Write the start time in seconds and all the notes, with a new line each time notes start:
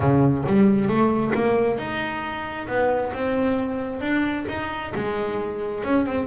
0.00 C#3
0.46 G3
0.87 A3
1.34 A#3
1.77 D#4
2.67 B3
3.13 C4
4.00 D4
4.48 D#4
4.94 G#3
5.84 C#4
6.06 C4